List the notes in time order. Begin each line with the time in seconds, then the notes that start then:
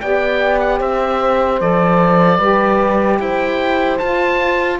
0.00 B3 G4 D5 G5
0.59 F#5
0.78 C4 C5 E5
1.59 F3 A4 D5
2.38 G3 G4 B4
3.19 E4 C5 G5
3.98 F4 A5